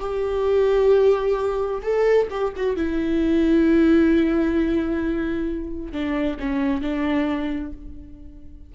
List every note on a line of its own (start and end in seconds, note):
0.00 1.82 G4
1.82 2.28 A4
2.31 2.53 G4
2.56 2.77 F#4
2.77 5.93 E4
5.93 6.38 D4
6.40 6.82 C#4
6.82 7.73 D4